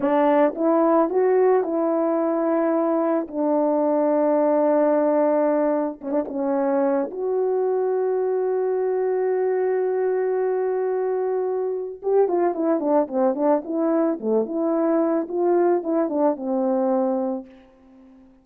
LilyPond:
\new Staff \with { instrumentName = "horn" } { \time 4/4 \tempo 4 = 110 d'4 e'4 fis'4 e'4~ | e'2 d'2~ | d'2. cis'16 d'16 cis'8~ | cis'4 fis'2.~ |
fis'1~ | fis'2 g'8 f'8 e'8 d'8 | c'8 d'8 e'4 a8 e'4. | f'4 e'8 d'8 c'2 | }